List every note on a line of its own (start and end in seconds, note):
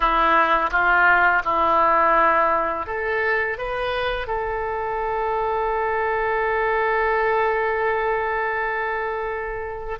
0.00 0.70 E4
0.70 1.42 F4
1.44 2.86 E4
2.86 3.57 A4
3.57 4.27 B4
4.27 9.98 A4